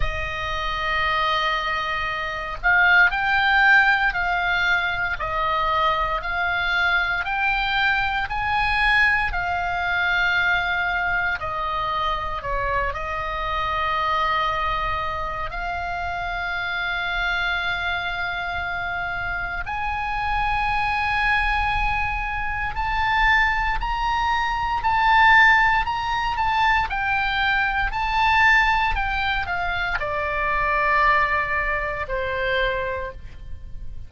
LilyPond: \new Staff \with { instrumentName = "oboe" } { \time 4/4 \tempo 4 = 58 dis''2~ dis''8 f''8 g''4 | f''4 dis''4 f''4 g''4 | gis''4 f''2 dis''4 | cis''8 dis''2~ dis''8 f''4~ |
f''2. gis''4~ | gis''2 a''4 ais''4 | a''4 ais''8 a''8 g''4 a''4 | g''8 f''8 d''2 c''4 | }